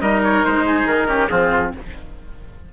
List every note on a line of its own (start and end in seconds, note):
0.00 0.43 G3
0.00 1.07 D#4
0.00 0.65 A#4
0.00 0.21 D#5
0.23 0.45 C#5
0.45 0.84 G#3
0.45 0.87 C5
0.65 1.08 G#4
0.84 1.27 D#3
0.84 1.29 A#4
1.07 1.28 C#4
1.07 1.29 G4
1.29 1.73 F3
1.29 1.73 C4
1.29 1.72 F4
1.29 1.71 G#4